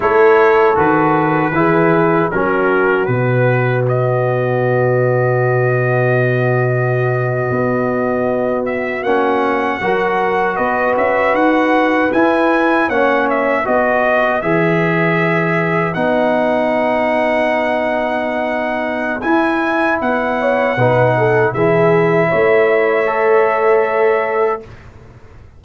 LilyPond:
<<
  \new Staff \with { instrumentName = "trumpet" } { \time 4/4 \tempo 4 = 78 cis''4 b'2 ais'4 | b'4 dis''2.~ | dis''2.~ dis''16 e''8 fis''16~ | fis''4.~ fis''16 dis''8 e''8 fis''4 gis''16~ |
gis''8. fis''8 e''8 dis''4 e''4~ e''16~ | e''8. fis''2.~ fis''16~ | fis''4 gis''4 fis''2 | e''1 | }
  \new Staff \with { instrumentName = "horn" } { \time 4/4 a'2 gis'4 fis'4~ | fis'1~ | fis'1~ | fis'8. ais'4 b'2~ b'16~ |
b'8. cis''4 b'2~ b'16~ | b'1~ | b'2~ b'8 cis''8 b'8 a'8 | gis'4 cis''2. | }
  \new Staff \with { instrumentName = "trombone" } { \time 4/4 e'4 fis'4 e'4 cis'4 | b1~ | b2.~ b8. cis'16~ | cis'8. fis'2. e'16~ |
e'8. cis'4 fis'4 gis'4~ gis'16~ | gis'8. dis'2.~ dis'16~ | dis'4 e'2 dis'4 | e'2 a'2 | }
  \new Staff \with { instrumentName = "tuba" } { \time 4/4 a4 dis4 e4 fis4 | b,1~ | b,4.~ b,16 b2 ais16~ | ais8. fis4 b8 cis'8 dis'4 e'16~ |
e'8. ais4 b4 e4~ e16~ | e8. b2.~ b16~ | b4 e'4 b4 b,4 | e4 a2. | }
>>